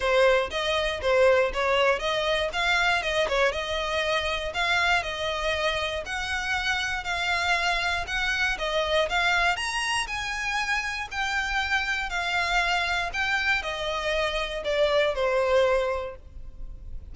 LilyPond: \new Staff \with { instrumentName = "violin" } { \time 4/4 \tempo 4 = 119 c''4 dis''4 c''4 cis''4 | dis''4 f''4 dis''8 cis''8 dis''4~ | dis''4 f''4 dis''2 | fis''2 f''2 |
fis''4 dis''4 f''4 ais''4 | gis''2 g''2 | f''2 g''4 dis''4~ | dis''4 d''4 c''2 | }